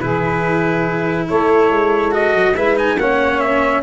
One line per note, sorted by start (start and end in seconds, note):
0.00 1.28 E3
0.00 2.12 E4
0.00 1.28 G#4
0.00 1.28 B4
1.28 1.70 A3
1.28 2.54 A4
1.28 2.14 C#5
1.70 2.34 G#3
2.12 2.54 F#4
2.12 2.56 D#5
2.34 2.55 F#3
2.54 2.98 G#3
2.54 2.76 E4
2.54 2.97 B4
2.54 2.77 E5
2.76 2.97 D#4
2.76 2.99 G#5
2.98 3.83 A#3
2.98 3.83 C#4
2.98 3.83 C#5
2.98 3.40 F#5
3.40 3.82 E5